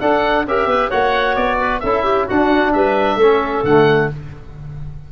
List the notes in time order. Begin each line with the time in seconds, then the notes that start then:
0.00 D4 A4 F#5
0.46 C#4 G4 A#4 E5
0.67 B3 B4
0.90 A#3 F#4 C#5 F#5
1.36 B3 D5
1.59 B4
1.80 C#4 E4 A4 E5
2.04 G4
2.26 D4 F#4 F#5
2.73 G3 B4 E5
3.17 A3 C#4 A4
3.64 D3 A3 F#5